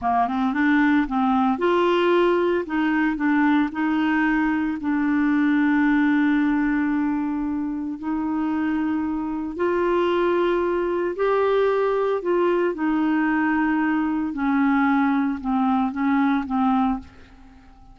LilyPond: \new Staff \with { instrumentName = "clarinet" } { \time 4/4 \tempo 4 = 113 ais8 c'8 d'4 c'4 f'4~ | f'4 dis'4 d'4 dis'4~ | dis'4 d'2.~ | d'2. dis'4~ |
dis'2 f'2~ | f'4 g'2 f'4 | dis'2. cis'4~ | cis'4 c'4 cis'4 c'4 | }